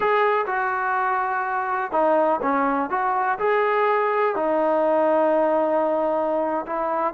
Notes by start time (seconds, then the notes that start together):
0.00 G#4
0.46 F#4
1.91 D#4
2.41 C#4
2.89 F#4
3.38 G#4
4.35 D#4
6.66 E4